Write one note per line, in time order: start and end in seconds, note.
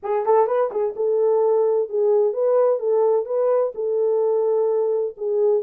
0.02 0.25 G#4
0.25 0.46 A4
0.46 0.70 B4
0.71 0.94 G#4
0.96 1.89 A4
1.89 2.33 G#4
2.33 2.79 B4
2.79 3.25 A4
3.25 3.72 B4
3.74 5.15 A4
5.17 5.63 G#4